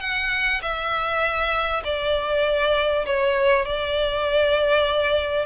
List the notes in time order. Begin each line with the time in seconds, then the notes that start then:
0.00 F#5
0.62 E5
1.84 D5
3.06 C#5
3.65 D5